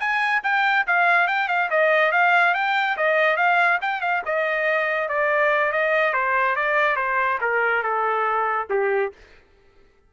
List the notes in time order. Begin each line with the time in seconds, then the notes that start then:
0.00 G#5
0.44 G5
0.87 F5
1.28 G5
1.49 F5
1.71 D#5
2.12 F5
2.55 G5
2.97 D#5
3.37 F5
3.82 G5
4.01 F5
4.26 D#5
5.09 D5
5.73 D#5
6.14 C5
6.56 D5
6.97 C5
7.41 A#4
7.83 A4
8.70 G4